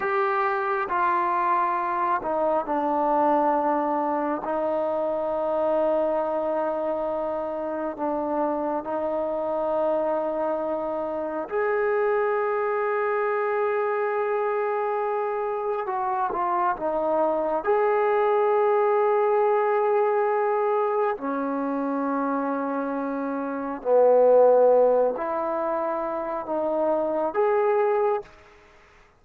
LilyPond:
\new Staff \with { instrumentName = "trombone" } { \time 4/4 \tempo 4 = 68 g'4 f'4. dis'8 d'4~ | d'4 dis'2.~ | dis'4 d'4 dis'2~ | dis'4 gis'2.~ |
gis'2 fis'8 f'8 dis'4 | gis'1 | cis'2. b4~ | b8 e'4. dis'4 gis'4 | }